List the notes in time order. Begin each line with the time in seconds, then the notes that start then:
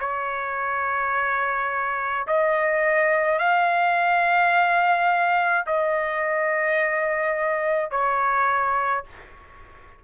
0.00 C#5
2.27 D#5
3.39 F5
5.67 D#5
7.91 C#5